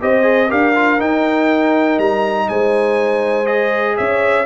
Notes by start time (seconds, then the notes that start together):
0.00 C4 G4 C5 D#5
0.22 G#4
0.48 D4 G4 A#4 F5
0.75 F4
0.99 D#4 G5
1.98 G3 A#5
2.48 G#3 C5 G#5
3.45 G#4 D#5
3.96 C#4 C#5 E5